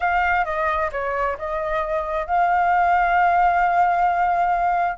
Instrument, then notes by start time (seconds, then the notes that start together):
flute
0.00 F5
0.44 D#5
0.92 C#5
1.38 D#5
2.26 F5